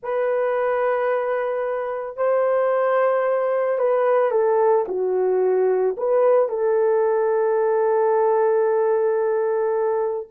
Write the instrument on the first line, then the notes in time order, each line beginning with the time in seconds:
horn
0.02 B4
2.16 C5
3.78 B4
4.31 A4
4.88 F#4
5.97 B4
6.48 A4